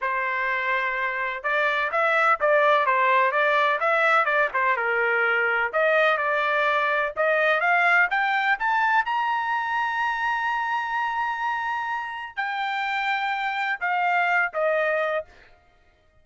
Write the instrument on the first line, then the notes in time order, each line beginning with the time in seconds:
trumpet
0.01 C5
1.43 D5
1.91 E5
2.40 D5
2.85 C5
3.31 D5
3.80 E5
4.25 D5
4.53 C5
4.76 A#4
5.72 D#5
6.17 D5
7.16 D#5
7.60 F5
8.10 G5
8.59 A5
9.05 A#5
12.36 G5
13.80 F5
14.53 D#5